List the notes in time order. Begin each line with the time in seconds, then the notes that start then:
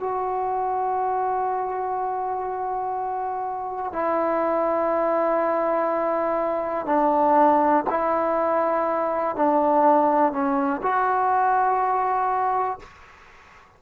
0.00 F#4
3.93 E4
6.86 D4
7.90 E4
9.36 D4
10.32 C#4
10.82 F#4